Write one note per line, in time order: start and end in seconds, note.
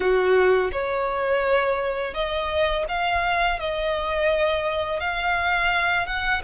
0.00 0.70 F#4
0.72 2.14 C#5
2.14 2.85 D#5
2.88 3.59 F5
3.59 5.00 D#5
5.00 6.06 F5
6.06 6.42 F#5